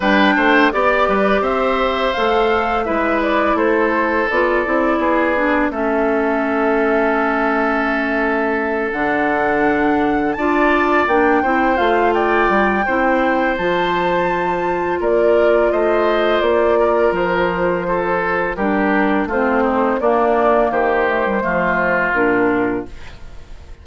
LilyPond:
<<
  \new Staff \with { instrumentName = "flute" } { \time 4/4 \tempo 4 = 84 g''4 d''4 e''4 f''4 | e''8 d''8 c''4 d''2 | e''1~ | e''8 fis''2 a''4 g''8~ |
g''8 f''8 g''2 a''4~ | a''4 d''4 dis''4 d''4 | c''2 ais'4 c''4 | d''4 c''2 ais'4 | }
  \new Staff \with { instrumentName = "oboe" } { \time 4/4 b'8 c''8 d''8 b'8 c''2 | b'4 a'2 gis'4 | a'1~ | a'2~ a'8 d''4. |
c''4 d''4 c''2~ | c''4 ais'4 c''4. ais'8~ | ais'4 a'4 g'4 f'8 dis'8 | d'4 g'4 f'2 | }
  \new Staff \with { instrumentName = "clarinet" } { \time 4/4 d'4 g'2 a'4 | e'2 f'8 e'4 d'8 | cis'1~ | cis'8 d'2 f'4 d'8 |
e'8 f'4. e'4 f'4~ | f'1~ | f'2 d'4 c'4 | ais4. a16 g16 a4 d'4 | }
  \new Staff \with { instrumentName = "bassoon" } { \time 4/4 g8 a8 b8 g8 c'4 a4 | gis4 a4 b8 c'8 b4 | a1~ | a8 d2 d'4 ais8 |
c'8 a4 g8 c'4 f4~ | f4 ais4 a4 ais4 | f2 g4 a4 | ais4 dis4 f4 ais,4 | }
>>